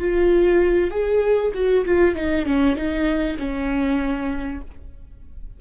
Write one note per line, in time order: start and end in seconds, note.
0.00 0.91 F4
0.91 1.52 G#4
1.54 1.85 F#4
1.85 2.15 F4
2.15 2.46 D#4
2.46 2.76 C#4
2.76 3.38 D#4
3.39 4.61 C#4